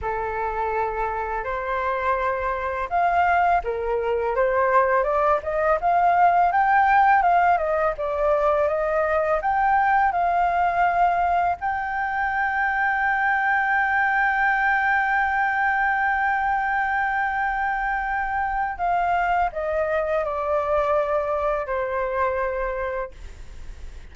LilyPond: \new Staff \with { instrumentName = "flute" } { \time 4/4 \tempo 4 = 83 a'2 c''2 | f''4 ais'4 c''4 d''8 dis''8 | f''4 g''4 f''8 dis''8 d''4 | dis''4 g''4 f''2 |
g''1~ | g''1~ | g''2 f''4 dis''4 | d''2 c''2 | }